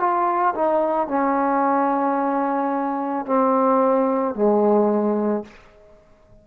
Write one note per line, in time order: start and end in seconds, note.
0.00 0.55 F4
0.55 1.08 D#4
1.08 3.26 C#4
3.26 4.35 C4
4.35 5.44 G#3